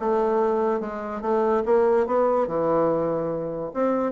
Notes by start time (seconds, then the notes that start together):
0.00 A3
0.81 G#3
1.22 A3
1.66 A#3
2.07 B3
2.48 E3
3.74 C4